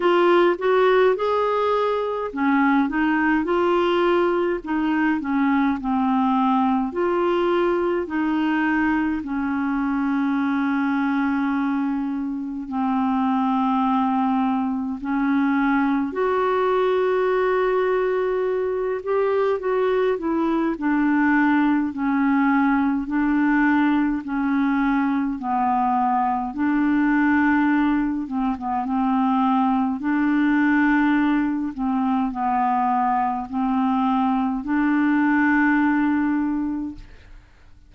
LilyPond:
\new Staff \with { instrumentName = "clarinet" } { \time 4/4 \tempo 4 = 52 f'8 fis'8 gis'4 cis'8 dis'8 f'4 | dis'8 cis'8 c'4 f'4 dis'4 | cis'2. c'4~ | c'4 cis'4 fis'2~ |
fis'8 g'8 fis'8 e'8 d'4 cis'4 | d'4 cis'4 b4 d'4~ | d'8 c'16 b16 c'4 d'4. c'8 | b4 c'4 d'2 | }